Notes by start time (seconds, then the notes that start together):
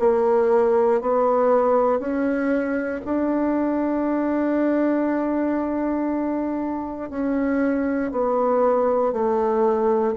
0.00 A#3
1.01 B3
2.00 C#4
3.06 D4
7.10 C#4
8.12 B3
9.13 A3